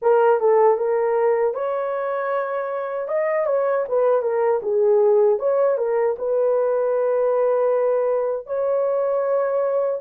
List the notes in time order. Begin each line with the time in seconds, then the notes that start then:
0.02 A#4
0.40 A4
0.77 A#4
1.54 C#5
3.08 D#5
3.46 C#5
3.88 B4
4.22 A#4
4.62 G#4
5.38 C#5
5.77 A#4
6.18 B4
8.46 C#5